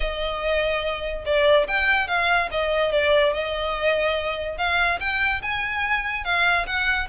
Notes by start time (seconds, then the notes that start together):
0.00 D#5
1.25 D5
1.67 G5
2.07 F5
2.51 D#5
2.92 D5
3.33 D#5
4.57 F5
5.00 G5
5.42 G#5
6.24 F5
6.66 F#5